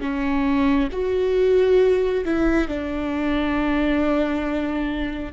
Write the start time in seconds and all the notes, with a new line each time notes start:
0.00 C#4
0.91 F#4
2.25 E4
2.68 D4